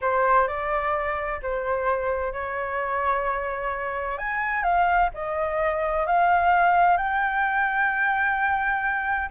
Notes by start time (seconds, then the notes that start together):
0.01 C5
0.47 D5
1.42 C5
2.32 C#5
4.18 G#5
4.63 F5
5.14 D#5
6.06 F5
6.97 G5